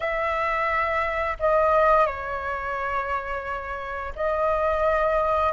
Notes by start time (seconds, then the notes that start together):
0.00 E5
1.39 D#5
2.06 C#5
4.15 D#5